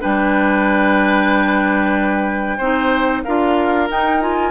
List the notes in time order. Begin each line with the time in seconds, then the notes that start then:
0.00 G3 D4 B4 G5
2.57 C4 D#4 C5
3.23 D4 F4 A#4 F5
3.89 D#4 G5
4.20 F4 G#5